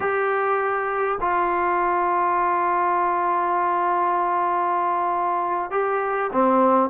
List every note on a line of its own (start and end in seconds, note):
0.00 1.18 G4
1.20 5.70 F4
5.70 6.30 G4
6.32 6.89 C4